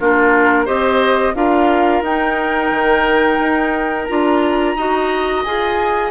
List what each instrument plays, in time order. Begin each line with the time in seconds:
0.00 bassoon A#3, clarinet D4, oboe F4, flute A#4
0.65 bassoon C4, clarinet G4, oboe C5, flute D#5
1.35 bassoon D4, clarinet F4, oboe A#4, flute F5
2.02 bassoon D#4, clarinet D#4, flute G5
2.71 bassoon D#3
3.39 bassoon D#4
4.05 bassoon D4, clarinet F4, flute A#5
4.76 bassoon D#4, clarinet F#4, oboe D#5
5.44 bassoon F4, clarinet G#4, flute G#5